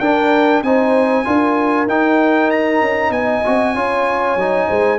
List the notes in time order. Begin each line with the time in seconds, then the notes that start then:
0.00 D4 A#4 G5
0.62 C4 D#4 C5 G#5
1.25 D4 F4 A#4
1.87 D#4 G5
2.51 A#5
2.82 C#4
3.11 B3 D#5 G#5
3.45 C4 F#4
3.75 C#4 F4 C#5
4.36 F#3 D#4
4.68 G#3 C5